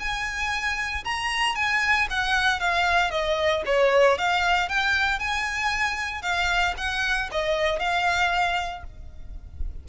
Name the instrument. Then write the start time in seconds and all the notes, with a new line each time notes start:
violin
0.00 G#5
1.05 A#5
1.56 G#5
2.11 F#5
2.60 F5
3.11 D#5
3.66 C#5
4.18 F5
4.69 G5
5.20 G#5
6.23 F5
6.78 F#5
7.32 D#5
7.80 F5